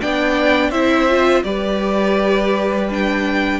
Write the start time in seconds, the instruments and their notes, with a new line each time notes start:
0.00 cello B3, viola D4, violin D5 G5
0.69 cello C4, viola E4, violin C5 E5
1.08 viola F4
1.43 cello G3, viola G4, violin B4 D5
2.89 viola D4, violin G5